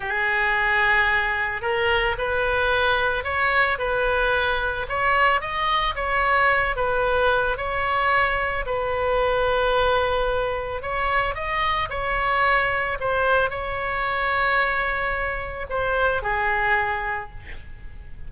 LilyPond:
\new Staff \with { instrumentName = "oboe" } { \time 4/4 \tempo 4 = 111 gis'2. ais'4 | b'2 cis''4 b'4~ | b'4 cis''4 dis''4 cis''4~ | cis''8 b'4. cis''2 |
b'1 | cis''4 dis''4 cis''2 | c''4 cis''2.~ | cis''4 c''4 gis'2 | }